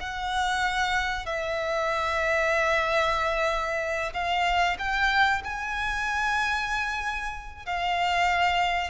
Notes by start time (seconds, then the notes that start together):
0.00 F#5
1.26 E5
4.13 F5
4.78 G5
5.44 G#5
7.65 F5